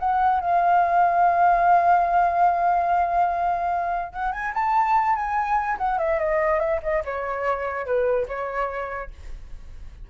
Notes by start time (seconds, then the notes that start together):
0.00 F#5
0.41 F5
4.13 F#5
4.33 G#5
4.54 A5
5.16 G#5
5.78 F#5
5.99 E5
6.19 D#5
6.60 E5
6.83 D#5
7.05 C#5
7.86 B4
8.28 C#5